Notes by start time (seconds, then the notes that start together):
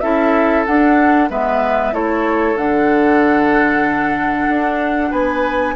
0.00 C#4 E4 A4 E5
0.66 D4 F#5
1.30 G#3 B3 B4 E5
1.92 A3 E4 A4 C#5
2.56 D3 D4 F#5
4.48 D4
5.10 B3 B4 G#5